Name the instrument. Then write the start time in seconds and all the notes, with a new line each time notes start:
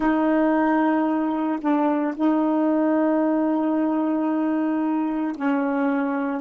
saxophone
0.00 D#4
1.61 D4
2.15 D#4
5.36 C#4